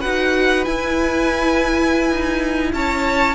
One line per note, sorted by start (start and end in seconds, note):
0.00 0.67 D#4
0.00 0.66 F#4
0.00 2.71 B4
0.00 0.65 F#5
0.65 3.35 E4
0.65 2.10 E4
0.65 2.72 G#5
2.10 2.73 D#4
2.73 3.35 C#4
2.73 3.35 C#5
2.73 3.35 A5